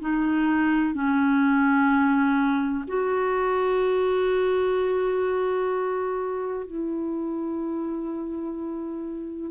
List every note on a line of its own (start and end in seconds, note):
0.00 0.94 D#4
0.94 2.84 C#4
2.87 6.66 F#4
6.66 9.50 E4